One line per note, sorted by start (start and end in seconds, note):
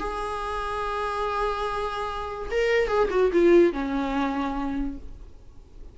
0.00 2.50 G#4
2.51 2.88 A#4
2.88 3.09 G#4
3.11 3.32 F#4
3.33 3.73 F4
3.73 4.98 C#4